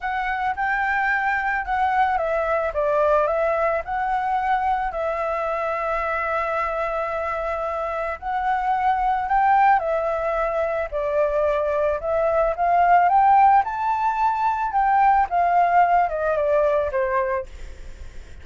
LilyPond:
\new Staff \with { instrumentName = "flute" } { \time 4/4 \tempo 4 = 110 fis''4 g''2 fis''4 | e''4 d''4 e''4 fis''4~ | fis''4 e''2.~ | e''2. fis''4~ |
fis''4 g''4 e''2 | d''2 e''4 f''4 | g''4 a''2 g''4 | f''4. dis''8 d''4 c''4 | }